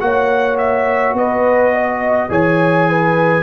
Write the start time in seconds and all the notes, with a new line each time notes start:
0.00 A#3 F#4 C#5 F#5
0.58 E5
1.14 B3 B4 D#5
1.74 D#5
2.30 E3 G#4 C#5 G#5
2.89 B4